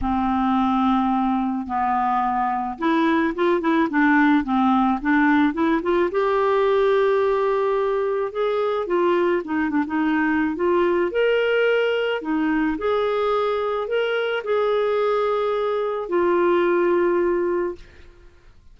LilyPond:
\new Staff \with { instrumentName = "clarinet" } { \time 4/4 \tempo 4 = 108 c'2. b4~ | b4 e'4 f'8 e'8 d'4 | c'4 d'4 e'8 f'8 g'4~ | g'2. gis'4 |
f'4 dis'8 d'16 dis'4~ dis'16 f'4 | ais'2 dis'4 gis'4~ | gis'4 ais'4 gis'2~ | gis'4 f'2. | }